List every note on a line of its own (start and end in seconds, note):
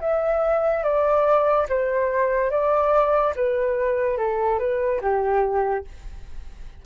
0.00 0.83 E5
0.83 1.66 D5
1.69 2.50 C5
2.50 3.34 D5
3.36 4.17 B4
4.17 4.59 A4
4.59 5.00 B4
5.01 5.84 G4